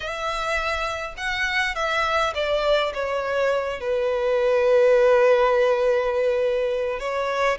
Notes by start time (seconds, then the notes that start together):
0.00 E5
1.17 F#5
1.75 E5
2.34 D5
2.93 C#5
3.80 B4
6.99 C#5